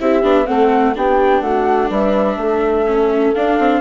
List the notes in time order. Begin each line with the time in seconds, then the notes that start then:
0.00 C4 E4 G4 E5
0.23 B3 D4
0.45 A3 C4 A4 F#5
0.96 B3 D4 G4 G5
1.41 A3 F#4 F#5
1.90 G3 B4 E5
2.37 A3 A4
2.86 C#4
3.35 D4 F5
3.59 C4